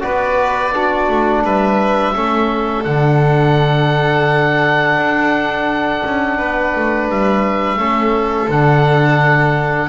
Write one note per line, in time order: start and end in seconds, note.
0.00 1.09 B3
0.00 0.71 F#4
0.00 0.74 B4
0.00 1.42 D5
0.73 2.14 D4
0.73 1.44 F#4
1.09 1.43 A3
1.43 2.14 G3
1.43 2.14 B4
1.43 2.84 E5
2.14 2.85 A3
2.14 2.84 C#4
2.14 6.37 A4
2.84 4.96 D3
2.84 7.78 D4
2.84 7.07 F#5
4.96 6.02 D4
6.05 6.39 C#4
6.37 6.74 B3
6.37 7.77 B4
6.75 7.09 A3
7.09 7.77 G3
7.09 8.50 E5
7.77 8.48 A3
7.77 8.49 C#4
7.77 9.88 A4
8.49 9.88 D3
8.49 9.88 D4
8.49 9.88 F#5